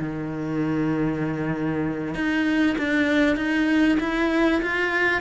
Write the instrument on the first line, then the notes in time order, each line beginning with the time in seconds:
cello
0.00 D#3
2.15 D#4
2.79 D4
3.37 D#4
4.00 E4
4.62 F4